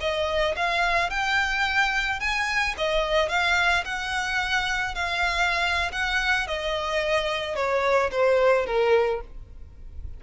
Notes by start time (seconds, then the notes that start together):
0.00 D#5
0.56 F5
1.10 G5
2.19 G#5
2.77 D#5
3.29 F5
3.85 F#5
4.94 F5
5.92 F#5
6.47 D#5
7.55 C#5
8.11 C5
8.65 A#4